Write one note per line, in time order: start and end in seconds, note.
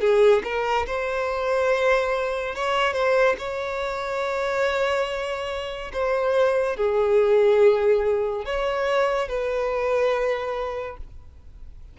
0.00 0.42 G#4
0.44 0.86 A#4
0.86 2.55 C5
2.55 2.93 C#5
2.93 3.35 C5
3.38 5.92 C#5
5.93 6.76 C5
6.76 8.45 G#4
8.45 9.28 C#5
9.28 10.97 B4